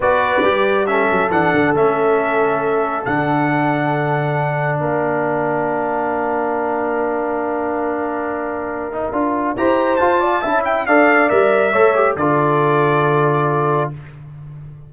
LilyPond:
<<
  \new Staff \with { instrumentName = "trumpet" } { \time 4/4 \tempo 4 = 138 d''2 e''4 fis''4 | e''2. fis''4~ | fis''2. f''4~ | f''1~ |
f''1~ | f''2 ais''4 a''4~ | a''8 g''8 f''4 e''2 | d''1 | }
  \new Staff \with { instrumentName = "horn" } { \time 4/4 b'2 a'2~ | a'1~ | a'2. ais'4~ | ais'1~ |
ais'1~ | ais'2 c''4. d''8 | e''4 d''2 cis''4 | a'1 | }
  \new Staff \with { instrumentName = "trombone" } { \time 4/4 fis'4 g'4 cis'4 d'4 | cis'2. d'4~ | d'1~ | d'1~ |
d'1~ | d'8 dis'8 f'4 g'4 f'4 | e'4 a'4 ais'4 a'8 g'8 | f'1 | }
  \new Staff \with { instrumentName = "tuba" } { \time 4/4 b4 g4. fis8 e8 d8 | a2. d4~ | d2. ais4~ | ais1~ |
ais1~ | ais4 d'4 e'4 f'4 | cis'4 d'4 g4 a4 | d1 | }
>>